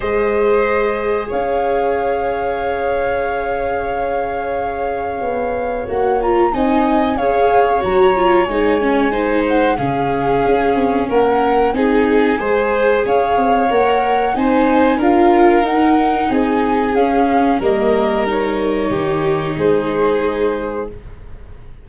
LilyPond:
<<
  \new Staff \with { instrumentName = "flute" } { \time 4/4 \tempo 4 = 92 dis''2 f''2~ | f''1~ | f''4 fis''8 ais''8 gis''4 f''4 | ais''4 gis''4. fis''8 f''4~ |
f''4 fis''4 gis''2 | f''4 fis''4 gis''4 f''4 | fis''4 gis''4 f''4 dis''4 | cis''2 c''2 | }
  \new Staff \with { instrumentName = "violin" } { \time 4/4 c''2 cis''2~ | cis''1~ | cis''2 dis''4 cis''4~ | cis''2 c''4 gis'4~ |
gis'4 ais'4 gis'4 c''4 | cis''2 c''4 ais'4~ | ais'4 gis'2 ais'4~ | ais'4 g'4 gis'2 | }
  \new Staff \with { instrumentName = "viola" } { \time 4/4 gis'1~ | gis'1~ | gis'4 fis'8 f'8 dis'4 gis'4 | fis'8 f'8 dis'8 cis'8 dis'4 cis'4~ |
cis'2 dis'4 gis'4~ | gis'4 ais'4 dis'4 f'4 | dis'2 cis'4 ais4 | dis'1 | }
  \new Staff \with { instrumentName = "tuba" } { \time 4/4 gis2 cis'2~ | cis'1 | b4 ais4 c'4 cis'4 | fis4 gis2 cis4 |
cis'8 c'8 ais4 c'4 gis4 | cis'8 c'8 ais4 c'4 d'4 | dis'4 c'4 cis'4 g4~ | g4 dis4 gis2 | }
>>